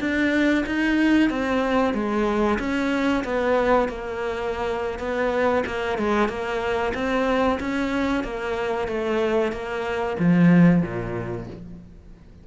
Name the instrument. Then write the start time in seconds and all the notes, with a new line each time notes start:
cello
0.00 D4
0.66 D#4
1.30 C4
1.94 G#3
2.59 C#4
3.24 B3
3.89 A#3
4.99 B3
5.66 A#3
5.98 G#3
6.29 A#3
6.94 C4
7.60 C#4
8.24 A#3
8.88 A3
9.52 A#3
10.19 F3
10.82 A#2